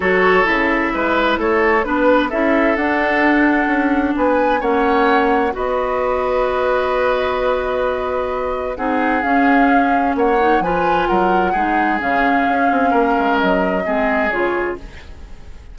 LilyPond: <<
  \new Staff \with { instrumentName = "flute" } { \time 4/4 \tempo 4 = 130 cis''4 e''2 cis''4 | b'4 e''4 fis''2~ | fis''4 gis''4 fis''2 | dis''1~ |
dis''2. fis''4 | f''2 fis''4 gis''4 | fis''2 f''2~ | f''4 dis''2 cis''4 | }
  \new Staff \with { instrumentName = "oboe" } { \time 4/4 a'2 b'4 a'4 | b'4 a'2.~ | a'4 b'4 cis''2 | b'1~ |
b'2. gis'4~ | gis'2 cis''4 b'4 | ais'4 gis'2. | ais'2 gis'2 | }
  \new Staff \with { instrumentName = "clarinet" } { \time 4/4 fis'4 e'2. | d'4 e'4 d'2~ | d'2 cis'2 | fis'1~ |
fis'2. dis'4 | cis'2~ cis'8 dis'8 f'4~ | f'4 dis'4 cis'2~ | cis'2 c'4 f'4 | }
  \new Staff \with { instrumentName = "bassoon" } { \time 4/4 fis4 cis4 gis4 a4 | b4 cis'4 d'2 | cis'4 b4 ais2 | b1~ |
b2. c'4 | cis'2 ais4 f4 | fis4 gis4 cis4 cis'8 c'8 | ais8 gis8 fis4 gis4 cis4 | }
>>